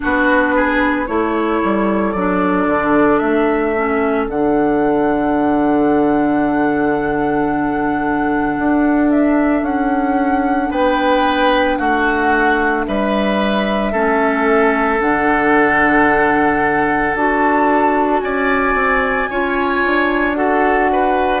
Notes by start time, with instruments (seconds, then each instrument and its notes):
0.00 bassoon B3, clarinet D4, oboe F#4, flute B4
0.55 oboe G#4
1.06 bassoon A3, clarinet E4, oboe A4, flute C#5
1.63 bassoon G3
2.12 bassoon F#3, clarinet D4, flute D5
2.66 bassoon D3
3.18 bassoon A3, flute E5
3.76 clarinet C#4
4.28 bassoon D3, clarinet D4, flute F#5
8.58 bassoon D4
9.10 flute E5
9.62 bassoon C#4, flute F#5
10.70 bassoon B3, oboe B4, flute G5
11.77 bassoon A3, oboe F#4, flute F#5
12.86 bassoon G3, oboe B4, flute E5
13.92 bassoon A3, clarinet C#4, oboe A4
14.99 bassoon D3, clarinet D4, flute F#5
17.14 bassoon D4, clarinet F#4, flute A5
18.19 bassoon C#4, oboe D5, flute G#5
18.74 bassoon C4
19.30 bassoon C#4, clarinet F4, oboe C#5
19.85 bassoon D4
20.34 clarinet F#4, oboe A4, flute F#5
20.92 oboe B4